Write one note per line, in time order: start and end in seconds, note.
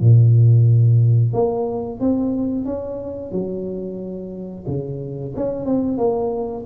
0.00 1.33 A#2
1.33 1.99 A#3
1.99 2.65 C4
2.65 3.31 C#4
3.31 4.65 F#3
4.67 5.34 C#3
5.36 5.65 C#4
5.65 5.97 C4
5.97 6.64 A#3